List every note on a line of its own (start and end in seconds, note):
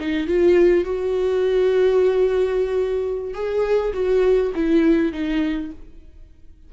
0.00 0.28 D#4
0.28 0.85 F4
0.85 3.34 F#4
3.34 3.93 G#4
3.93 4.52 F#4
4.55 5.13 E4
5.13 5.71 D#4